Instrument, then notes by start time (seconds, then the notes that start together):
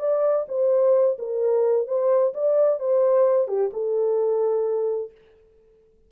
horn
0.00 D5
0.49 C5
1.19 A#4
1.88 C5
2.35 D5
2.80 C5
3.48 G4
3.73 A4